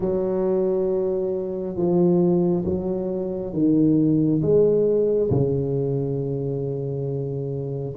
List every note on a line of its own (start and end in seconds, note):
0.00 1.76 F#3
1.76 2.64 F3
2.65 3.53 F#3
3.53 4.41 D#3
4.42 5.30 G#3
5.30 7.95 C#3